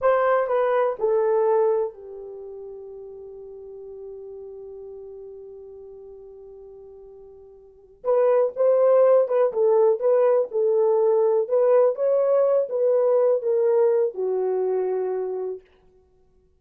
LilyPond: \new Staff \with { instrumentName = "horn" } { \time 4/4 \tempo 4 = 123 c''4 b'4 a'2 | g'1~ | g'1~ | g'1~ |
g'8 b'4 c''4. b'8 a'8~ | a'8 b'4 a'2 b'8~ | b'8 cis''4. b'4. ais'8~ | ais'4 fis'2. | }